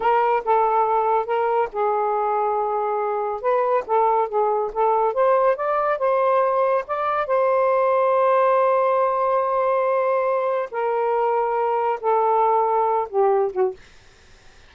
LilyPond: \new Staff \with { instrumentName = "saxophone" } { \time 4/4 \tempo 4 = 140 ais'4 a'2 ais'4 | gis'1 | b'4 a'4 gis'4 a'4 | c''4 d''4 c''2 |
d''4 c''2.~ | c''1~ | c''4 ais'2. | a'2~ a'8 g'4 fis'8 | }